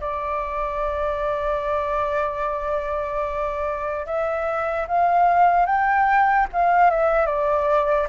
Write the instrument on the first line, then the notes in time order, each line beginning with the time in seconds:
flute
0.00 D5
4.05 E5
4.87 F5
5.65 G5
6.52 F5
6.90 E5
7.26 D5